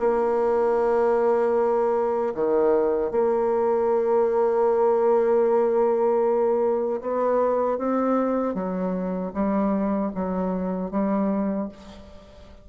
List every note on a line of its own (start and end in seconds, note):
0.00 2.34 A#3
2.35 3.11 D#3
3.11 7.01 A#3
7.02 7.78 B3
7.78 8.55 C4
8.55 9.33 F#3
9.34 10.12 G3
10.15 10.91 F#3
10.91 11.69 G3